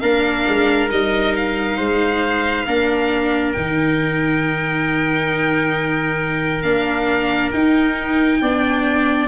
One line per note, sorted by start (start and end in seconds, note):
0.00 0.46 A#3
0.00 0.89 D4
0.00 1.77 A#4
0.00 0.88 F5
0.47 0.90 G#3
0.89 1.79 G3
0.89 2.65 D#4
0.89 1.35 D#5
1.35 3.52 F5
1.77 2.66 G#3
1.77 2.65 C5
2.66 3.55 A#3
2.66 3.55 D4
2.66 8.39 A#4
3.52 6.62 D#3
3.52 6.64 D#4
3.52 6.61 G5
6.62 7.51 A#3
6.62 7.52 D4
6.62 7.50 F5
7.51 8.41 D#4
7.51 8.42 D#4
7.51 9.27 G5
8.41 9.28 B3
8.41 9.28 D4
8.41 9.28 D5